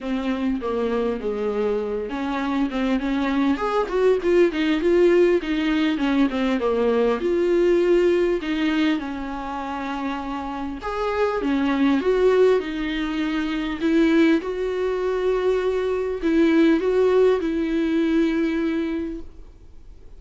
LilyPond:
\new Staff \with { instrumentName = "viola" } { \time 4/4 \tempo 4 = 100 c'4 ais4 gis4. cis'8~ | cis'8 c'8 cis'4 gis'8 fis'8 f'8 dis'8 | f'4 dis'4 cis'8 c'8 ais4 | f'2 dis'4 cis'4~ |
cis'2 gis'4 cis'4 | fis'4 dis'2 e'4 | fis'2. e'4 | fis'4 e'2. | }